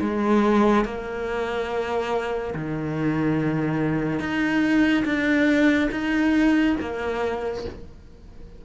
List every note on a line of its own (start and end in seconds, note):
0.00 0.85 G#3
0.85 2.54 A#3
2.55 4.19 D#3
4.19 5.04 D#4
5.05 5.89 D4
5.92 6.76 D#4
6.80 7.65 A#3